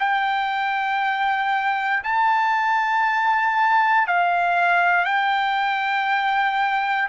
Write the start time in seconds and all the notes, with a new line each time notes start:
0.00 G5
2.04 A5
4.08 F5
5.05 G5